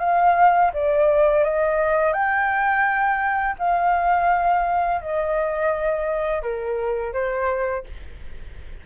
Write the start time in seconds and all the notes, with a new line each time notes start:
0.00 F5
0.73 D5
1.44 D#5
2.13 G5
3.59 F5
5.02 D#5
6.43 A#4
7.13 C5